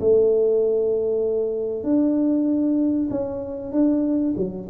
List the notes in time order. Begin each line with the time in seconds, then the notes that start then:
0.00 A3
1.84 D4
3.10 C#4
3.72 D4
4.37 F#3